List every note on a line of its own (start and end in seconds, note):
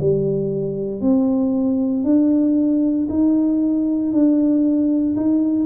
0.00 1.01 G3
1.01 2.04 C4
2.04 3.08 D4
3.09 4.12 D#4
4.12 5.16 D4
5.16 5.66 D#4